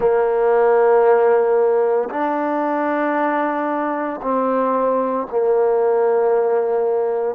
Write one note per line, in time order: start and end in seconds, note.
0.00 2.09 A#3
2.10 4.20 D4
4.22 5.27 C4
5.30 7.35 A#3